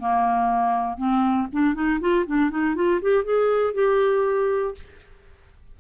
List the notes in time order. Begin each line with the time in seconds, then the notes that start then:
0.00 A#3
0.98 C4
1.53 D4
1.75 D#4
2.01 F4
2.27 D4
2.51 D#4
2.76 F4
3.02 G4
3.25 G#4
3.74 G4